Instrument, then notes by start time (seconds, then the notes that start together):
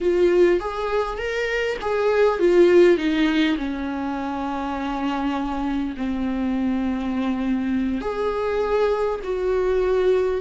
viola
0.01 F4
0.60 G#4
1.17 A#4
1.81 G#4
2.39 F4
2.97 D#4
3.57 C#4
5.96 C4
8.01 G#4
9.23 F#4